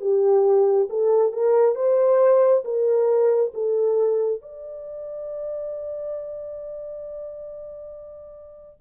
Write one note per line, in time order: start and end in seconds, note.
0.00 0.88 G4
0.89 1.32 A4
1.32 1.75 A#4
1.75 2.63 C5
2.64 3.52 A#4
3.54 4.41 A4
4.41 8.80 D5